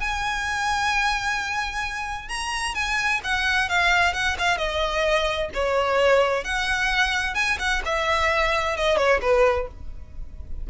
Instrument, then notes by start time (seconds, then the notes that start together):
violin
0.00 G#5
2.28 A#5
2.74 G#5
3.24 F#5
3.69 F5
4.13 F#5
4.38 F5
4.57 D#5
5.54 C#5
6.44 F#5
7.34 G#5
7.59 F#5
7.85 E5
8.77 D#5
8.97 C#5
9.21 B4